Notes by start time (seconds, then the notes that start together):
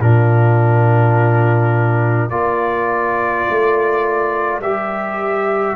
0.00 A#2 D4 F4 A#4
2.30 A#3 F4 A#4 D5
3.50 A3
4.60 G3 G4 E5